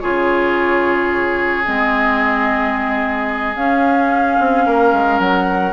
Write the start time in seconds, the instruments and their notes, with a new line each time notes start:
0.00 bassoon C#3, clarinet F4, oboe G#4, flute C#5
1.64 bassoon G#3, clarinet C4, flute D#5
3.55 bassoon C#4, clarinet C#4, flute F5
4.39 bassoon C4
4.66 bassoon A#3, oboe A#4
4.92 bassoon G#3
5.19 bassoon F#3, flute F#5